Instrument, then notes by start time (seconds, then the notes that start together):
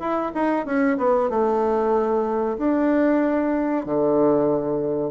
bassoon
0.00 E4
0.35 D#4
0.66 C#4
0.98 B3
1.30 A3
2.58 D4
3.86 D3